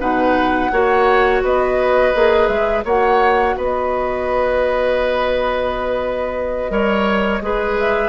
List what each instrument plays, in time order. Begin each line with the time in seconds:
0.00 bassoon B2, clarinet D#4, oboe B4, flute F#5
0.72 bassoon A#3, clarinet F#4, oboe C#5
1.42 bassoon B3, oboe B4, flute D#5
2.15 bassoon A#3, clarinet G#4
2.47 bassoon G#3, flute E5
2.84 bassoon A#3, clarinet F#4, oboe C#5, flute F#5
3.56 bassoon B3, oboe B4, flute D#5
6.70 bassoon G3, clarinet A#4, oboe C#5
7.41 bassoon G#3, clarinet G#4, oboe B4
7.78 flute E5